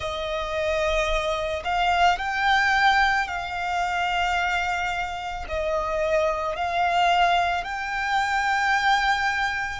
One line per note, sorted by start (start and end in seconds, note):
0.00 1.62 D#5
1.64 2.18 F5
2.18 3.27 G5
3.27 5.45 F5
5.48 6.56 D#5
6.56 7.64 F5
7.64 9.80 G5